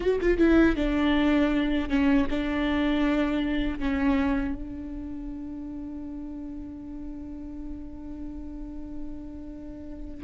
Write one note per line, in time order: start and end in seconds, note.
0.00 0.19 F#4
0.20 0.38 F4
0.38 0.76 E4
0.76 1.88 D4
1.88 2.26 C#4
2.30 3.79 D4
3.79 4.54 C#4
4.54 10.23 D4